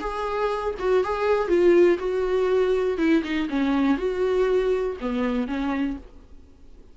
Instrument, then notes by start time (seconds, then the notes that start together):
viola
0.00 G#4
0.79 F#4
1.04 G#4
1.48 F4
1.98 F#4
2.98 E4
3.23 D#4
3.49 C#4
3.97 F#4
5.00 B3
5.47 C#4